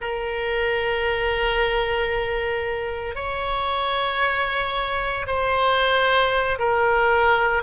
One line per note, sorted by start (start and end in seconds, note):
0.00 3.15 A#4
3.15 5.25 C#5
5.26 6.58 C5
6.58 7.62 A#4